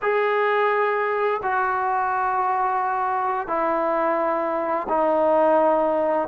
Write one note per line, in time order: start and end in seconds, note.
0.02 1.41 G#4
1.42 3.47 F#4
3.47 4.87 E4
4.88 6.28 D#4